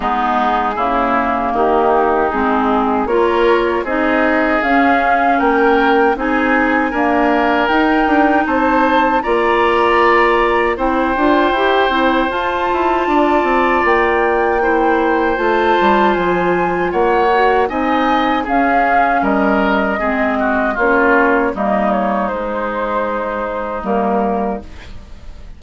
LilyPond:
<<
  \new Staff \with { instrumentName = "flute" } { \time 4/4 \tempo 4 = 78 gis'2 g'4 gis'4 | cis''4 dis''4 f''4 g''4 | gis''2 g''4 a''4 | ais''2 g''2 |
a''2 g''2 | a''4 gis''4 fis''4 gis''4 | f''4 dis''2 cis''4 | dis''8 cis''8 c''2 ais'4 | }
  \new Staff \with { instrumentName = "oboe" } { \time 4/4 dis'4 e'4 dis'2 | ais'4 gis'2 ais'4 | gis'4 ais'2 c''4 | d''2 c''2~ |
c''4 d''2 c''4~ | c''2 cis''4 dis''4 | gis'4 ais'4 gis'8 fis'8 f'4 | dis'1 | }
  \new Staff \with { instrumentName = "clarinet" } { \time 4/4 b4 ais2 c'4 | f'4 dis'4 cis'2 | dis'4 ais4 dis'2 | f'2 e'8 f'8 g'8 e'8 |
f'2. e'4 | f'2~ f'8 fis'8 dis'4 | cis'2 c'4 cis'4 | ais4 gis2 ais4 | }
  \new Staff \with { instrumentName = "bassoon" } { \time 4/4 gis4 cis4 dis4 gis4 | ais4 c'4 cis'4 ais4 | c'4 d'4 dis'8 d'8 c'4 | ais2 c'8 d'8 e'8 c'8 |
f'8 e'8 d'8 c'8 ais2 | a8 g8 f4 ais4 c'4 | cis'4 g4 gis4 ais4 | g4 gis2 g4 | }
>>